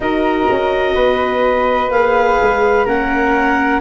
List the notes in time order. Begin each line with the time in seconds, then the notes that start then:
0.00 D#4 F#4 A#4 D#5
0.50 C#4
0.94 B3 B4
1.90 A#3 G#4 F5
2.41 G#3
2.85 A#3 C#4 A#4 F#5